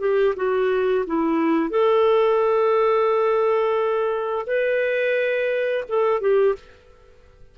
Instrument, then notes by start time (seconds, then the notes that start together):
clarinet
0.00 G4
0.36 F#4
1.07 E4
1.70 A4
4.47 B4
5.88 A4
6.21 G4